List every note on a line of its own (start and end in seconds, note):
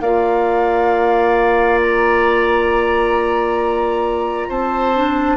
0.00 4.48 A#3
0.00 4.95 F4
0.00 4.49 D5
0.00 1.80 F5
1.82 4.51 A#5
4.49 5.37 C4
4.49 5.37 C5
4.49 5.37 A5
4.95 5.37 D4